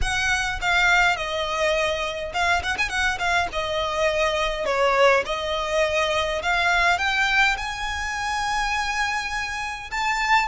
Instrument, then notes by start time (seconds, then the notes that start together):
violin
0.01 F#5
0.61 F5
1.16 D#5
2.33 F5
2.62 F#5
2.77 G#5
2.89 F#5
3.18 F5
3.52 D#5
4.65 C#5
5.25 D#5
6.42 F5
6.98 G5
7.57 G#5
9.90 A5